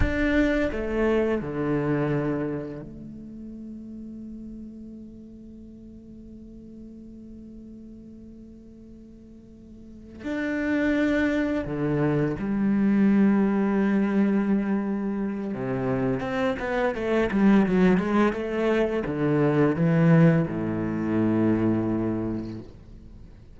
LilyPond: \new Staff \with { instrumentName = "cello" } { \time 4/4 \tempo 4 = 85 d'4 a4 d2 | a1~ | a1~ | a2~ a8 d'4.~ |
d'8 d4 g2~ g8~ | g2 c4 c'8 b8 | a8 g8 fis8 gis8 a4 d4 | e4 a,2. | }